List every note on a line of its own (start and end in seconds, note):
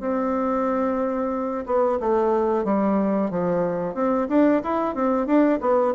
0.00 1.65 C4
1.66 1.99 B3
2.00 2.64 A3
2.64 3.30 G3
3.30 3.94 F3
3.94 4.27 C4
4.29 4.62 D4
4.63 4.95 E4
4.95 5.26 C4
5.26 5.59 D4
5.61 5.94 B3